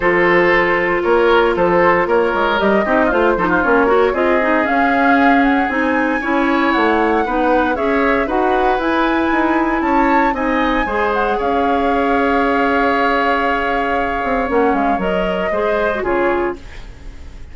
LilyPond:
<<
  \new Staff \with { instrumentName = "flute" } { \time 4/4 \tempo 4 = 116 c''2 cis''4 c''4 | cis''4 dis''4 c''4 cis''4 | dis''4 f''4. fis''8 gis''4~ | gis''4 fis''2 e''4 |
fis''4 gis''2 a''4 | gis''4. fis''8 f''2~ | f''1 | fis''8 f''8 dis''2 cis''4 | }
  \new Staff \with { instrumentName = "oboe" } { \time 4/4 a'2 ais'4 a'4 | ais'4. g'8 f'8 a'16 f'8. ais'8 | gis'1 | cis''2 b'4 cis''4 |
b'2. cis''4 | dis''4 c''4 cis''2~ | cis''1~ | cis''2 c''4 gis'4 | }
  \new Staff \with { instrumentName = "clarinet" } { \time 4/4 f'1~ | f'4 g'8 dis'8 f'8 dis'8 cis'8 fis'8 | f'8 dis'8 cis'2 dis'4 | e'2 dis'4 gis'4 |
fis'4 e'2. | dis'4 gis'2.~ | gis'1 | cis'4 ais'4 gis'8. fis'16 f'4 | }
  \new Staff \with { instrumentName = "bassoon" } { \time 4/4 f2 ais4 f4 | ais8 gis8 g8 c'8 a8 f8 ais4 | c'4 cis'2 c'4 | cis'4 a4 b4 cis'4 |
dis'4 e'4 dis'4 cis'4 | c'4 gis4 cis'2~ | cis'2.~ cis'8 c'8 | ais8 gis8 fis4 gis4 cis4 | }
>>